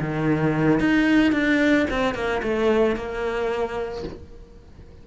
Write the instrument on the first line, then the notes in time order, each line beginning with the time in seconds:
cello
0.00 D#3
0.80 D#4
1.32 D4
1.90 C4
2.14 A#3
2.43 A3
2.95 A#3